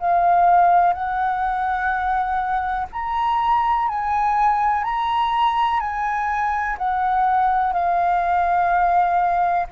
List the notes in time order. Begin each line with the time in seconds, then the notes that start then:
0.00 F5
0.94 F#5
2.93 A#5
3.88 G#5
4.84 A#5
5.80 G#5
6.78 F#5
7.73 F5